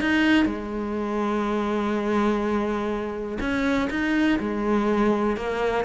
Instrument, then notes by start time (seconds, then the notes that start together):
cello
0.00 D#4
0.45 G#3
3.40 C#4
3.90 D#4
4.39 G#3
5.36 A#3